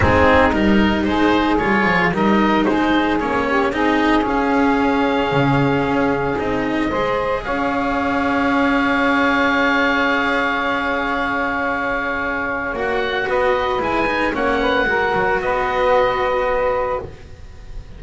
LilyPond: <<
  \new Staff \with { instrumentName = "oboe" } { \time 4/4 \tempo 4 = 113 gis'4 ais'4 c''4 cis''4 | dis''4 c''4 cis''4 dis''4 | f''1 | dis''2 f''2~ |
f''1~ | f''1 | fis''4 dis''4 gis''4 fis''4~ | fis''4 dis''2. | }
  \new Staff \with { instrumentName = "saxophone" } { \time 4/4 dis'2 gis'2 | ais'4 gis'4. g'8 gis'4~ | gis'1~ | gis'4 c''4 cis''2~ |
cis''1~ | cis''1~ | cis''4 b'2 cis''8 b'8 | ais'4 b'2. | }
  \new Staff \with { instrumentName = "cello" } { \time 4/4 c'4 dis'2 f'4 | dis'2 cis'4 dis'4 | cis'1 | dis'4 gis'2.~ |
gis'1~ | gis'1 | fis'2 e'8 dis'8 cis'4 | fis'1 | }
  \new Staff \with { instrumentName = "double bass" } { \time 4/4 gis4 g4 gis4 g8 f8 | g4 gis4 ais4 c'4 | cis'2 cis4 cis'4 | c'4 gis4 cis'2~ |
cis'1~ | cis'1 | ais4 b4 gis4 ais4 | gis8 fis8 b2. | }
>>